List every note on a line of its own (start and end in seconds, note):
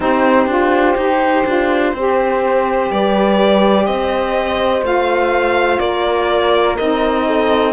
0.00 0.46 C4
0.00 0.48 D#4
0.00 1.94 G4
0.00 2.91 C5
0.47 0.95 D4
0.47 0.97 F4
0.96 1.44 D#4
0.96 1.46 G4
1.46 1.93 D4
1.46 1.94 F4
1.93 2.90 C4
1.93 4.83 G4
1.93 2.91 C5
2.91 3.87 G3
2.91 3.86 B4
2.91 3.86 D5
3.86 4.82 C4
3.86 5.79 C5
3.86 4.83 D#5
4.82 5.78 A3
4.82 6.76 F4
4.82 5.79 F5
5.79 6.77 A#3
5.79 7.25 A#4
5.79 6.75 D5
6.77 7.72 C4
6.77 7.72 D#4
6.77 7.72 D#5
7.26 7.72 A4